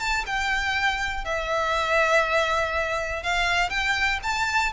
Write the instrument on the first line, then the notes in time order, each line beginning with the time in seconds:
violin
0.00 A5
0.26 G5
1.25 E5
3.23 F5
3.70 G5
4.23 A5